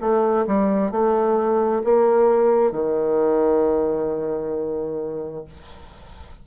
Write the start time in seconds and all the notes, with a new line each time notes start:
0.00 A3
0.47 G3
0.91 A3
1.84 A#3
2.72 D#3